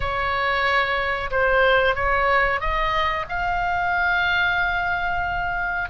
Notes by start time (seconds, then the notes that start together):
0.00 C#5
1.30 C5
1.95 C#5
2.60 D#5
3.28 F5